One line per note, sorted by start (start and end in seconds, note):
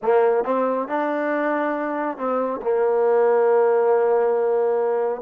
0.02 0.44 A#3
0.44 0.87 C4
0.88 2.17 D4
2.17 2.60 C4
2.61 5.21 A#3